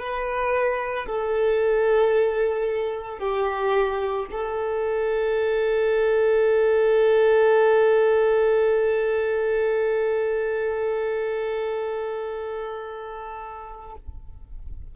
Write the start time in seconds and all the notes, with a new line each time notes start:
0.00 B4
1.07 A4
3.19 G4
4.32 A4